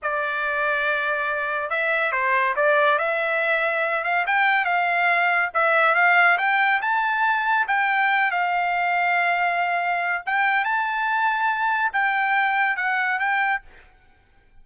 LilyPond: \new Staff \with { instrumentName = "trumpet" } { \time 4/4 \tempo 4 = 141 d''1 | e''4 c''4 d''4 e''4~ | e''4. f''8 g''4 f''4~ | f''4 e''4 f''4 g''4 |
a''2 g''4. f''8~ | f''1 | g''4 a''2. | g''2 fis''4 g''4 | }